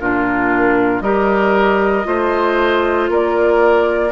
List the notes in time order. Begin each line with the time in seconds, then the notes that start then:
0.00 A#2 D4 F4 A#4
1.01 G3 G4 A#4 D#5
2.04 A3 F4 C5
3.10 A#3 A#4 D5